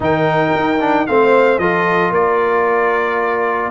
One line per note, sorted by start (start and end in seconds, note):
0.00 0.52 D#3
0.00 0.77 D#4
0.00 1.09 A#4
0.00 1.06 G5
0.55 1.08 D#4
0.80 1.07 D4
1.06 1.58 A3
1.06 1.60 C4
1.06 1.60 C5
1.06 1.58 F5
1.58 2.11 F3
1.58 3.70 F4
1.58 2.11 A4
1.58 2.12 D#5
2.11 3.70 A#3
2.11 3.70 A#4
2.11 3.70 D5